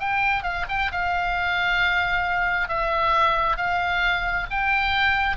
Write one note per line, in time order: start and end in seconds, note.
0.00 0.43 G5
0.43 0.66 F5
0.69 0.91 G5
0.92 2.69 F5
2.69 3.57 E5
3.57 4.47 F5
4.51 5.37 G5